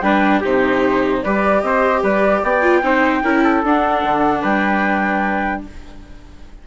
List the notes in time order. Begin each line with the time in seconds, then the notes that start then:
0.00 G3 D4 B4 G5
0.40 C3 D#4 G4 C5
1.23 G3 G4 B4 D5
1.62 C4 C5 D#5
2.02 G3 B4 D5
2.43 B3 D5 G5
2.62 F4
2.82 C4 D#4 C5
3.23 C#4 E4 A#4
3.43 A4
3.63 D4 F#5
4.03 D3
4.42 G3 B4 G5